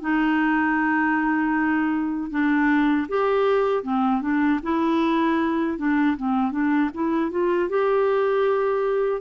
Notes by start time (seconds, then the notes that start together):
0.00 D#4
2.30 D4
3.08 G4
3.83 C4
4.21 D4
4.63 E4
5.78 D4
6.16 C4
6.51 D4
6.94 E4
7.31 F4
7.69 G4